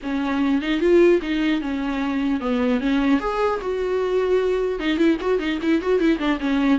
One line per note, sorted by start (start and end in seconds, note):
0.03 0.61 C#4
0.61 0.80 D#4
0.80 1.20 F4
1.21 1.61 D#4
1.61 2.40 C#4
2.40 2.80 B3
2.80 3.19 C#4
3.19 3.59 G#4
3.61 4.79 F#4
4.79 4.97 D#4
4.97 5.17 E4
5.20 5.39 F#4
5.39 5.59 D#4
5.62 5.81 E4
5.81 5.99 F#4
5.99 6.18 E4
6.18 6.38 D4
6.39 6.78 C#4